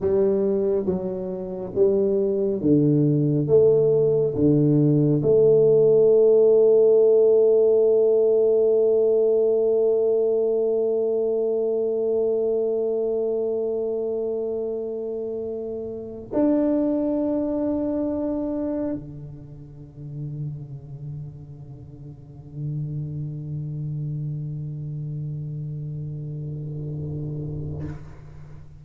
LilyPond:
\new Staff \with { instrumentName = "tuba" } { \time 4/4 \tempo 4 = 69 g4 fis4 g4 d4 | a4 d4 a2~ | a1~ | a1~ |
a2~ a8. d'4~ d'16~ | d'4.~ d'16 d2~ d16~ | d1~ | d1 | }